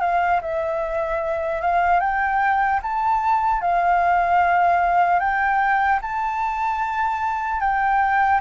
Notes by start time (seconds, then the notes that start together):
0.00 F5
0.41 E5
1.61 F5
2.00 G5
2.82 A5
3.61 F5
5.19 G5
6.01 A5
7.60 G5